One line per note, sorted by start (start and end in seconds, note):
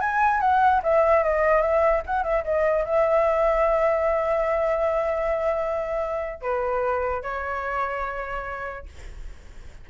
0.00 0.41 G#5
0.41 0.81 F#5
0.83 1.23 E5
1.23 1.61 D#5
1.61 2.02 E5
2.06 2.23 F#5
2.23 2.44 E5
2.44 2.85 D#5
2.85 6.41 E5
6.41 7.23 B4
7.23 8.86 C#5